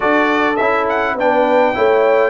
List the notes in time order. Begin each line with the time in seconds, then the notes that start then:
0.00 D4 F#4 A4 D5
0.56 C#4 E4 E5
0.88 F#5
1.14 B3 D4 B4 G5
1.74 A3 E4 C#5